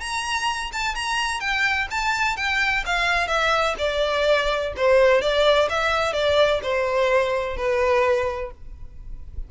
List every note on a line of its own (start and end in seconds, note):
0.00 0.71 A#5
0.72 0.94 A5
0.94 1.40 A#5
1.40 1.87 G5
1.90 2.36 A5
2.36 2.84 G5
2.85 3.27 F5
3.27 3.74 E5
3.78 4.72 D5
4.76 5.21 C5
5.21 5.68 D5
5.69 6.13 E5
6.13 6.60 D5
6.62 7.56 C5
7.56 8.51 B4